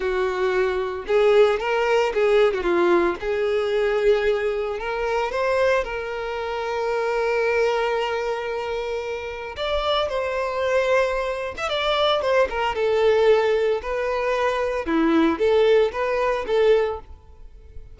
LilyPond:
\new Staff \with { instrumentName = "violin" } { \time 4/4 \tempo 4 = 113 fis'2 gis'4 ais'4 | gis'8. fis'16 f'4 gis'2~ | gis'4 ais'4 c''4 ais'4~ | ais'1~ |
ais'2 d''4 c''4~ | c''4.~ c''16 e''16 d''4 c''8 ais'8 | a'2 b'2 | e'4 a'4 b'4 a'4 | }